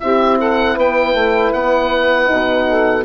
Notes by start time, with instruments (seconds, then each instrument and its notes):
0.00 bassoon C4, horn E4, saxophone G4, oboe E5
0.39 saxophone A4, oboe F#5
0.75 bassoon B3, saxophone B4, oboe G5
1.14 bassoon A3
1.53 bassoon B3, oboe F#5
2.26 bassoon B2, horn D#4
2.68 saxophone A4